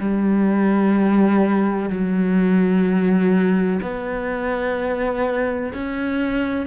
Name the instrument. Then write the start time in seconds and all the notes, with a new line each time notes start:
cello
0.00 G3
1.90 F#3
3.82 B3
5.74 C#4